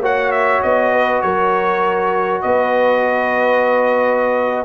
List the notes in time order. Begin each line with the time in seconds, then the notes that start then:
0.00 A#3 F#4 C#5 F#5
0.32 E5
0.63 B3 D#5
0.93 B4
1.22 F#3 A#4 C#5
2.42 B3 B4 D#5